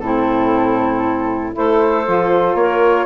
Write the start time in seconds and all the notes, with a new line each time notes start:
0.00 A2 C4 E4 A4
1.53 A3 E4 A4 C5
2.06 F3 F4
2.54 A#3 A#4 C#5